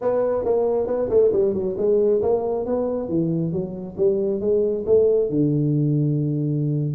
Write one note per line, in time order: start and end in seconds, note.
0.01 0.45 B3
0.45 0.86 A#3
0.86 1.08 B3
1.09 1.31 A3
1.32 1.54 G3
1.54 1.76 F#3
1.77 2.21 G#3
2.22 2.65 A#3
2.65 3.09 B3
3.09 3.52 E3
3.52 3.96 F#3
3.97 4.40 G3
4.40 4.84 G#3
4.86 5.29 A3
5.29 6.94 D3